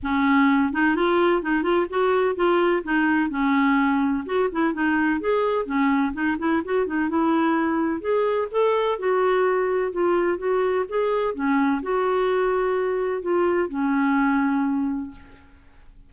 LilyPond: \new Staff \with { instrumentName = "clarinet" } { \time 4/4 \tempo 4 = 127 cis'4. dis'8 f'4 dis'8 f'8 | fis'4 f'4 dis'4 cis'4~ | cis'4 fis'8 e'8 dis'4 gis'4 | cis'4 dis'8 e'8 fis'8 dis'8 e'4~ |
e'4 gis'4 a'4 fis'4~ | fis'4 f'4 fis'4 gis'4 | cis'4 fis'2. | f'4 cis'2. | }